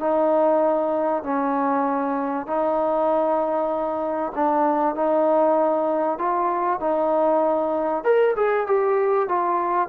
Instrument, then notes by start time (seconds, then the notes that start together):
trombone
0.00 D#4
1.24 C#4
2.47 D#4
4.36 D4
4.95 D#4
6.19 F4
6.81 D#4
8.05 A#4
8.36 G#4
8.67 G4
9.29 F4